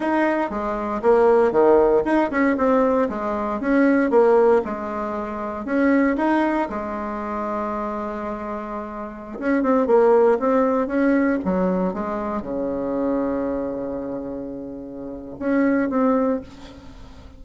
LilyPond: \new Staff \with { instrumentName = "bassoon" } { \time 4/4 \tempo 4 = 117 dis'4 gis4 ais4 dis4 | dis'8 cis'8 c'4 gis4 cis'4 | ais4 gis2 cis'4 | dis'4 gis2.~ |
gis2~ gis16 cis'8 c'8 ais8.~ | ais16 c'4 cis'4 fis4 gis8.~ | gis16 cis2.~ cis8.~ | cis2 cis'4 c'4 | }